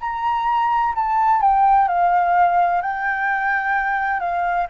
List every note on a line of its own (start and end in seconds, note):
0.00 0.94 A#5
0.95 1.41 A5
1.41 1.88 G5
1.88 2.82 F5
2.82 4.20 G5
4.20 4.67 F5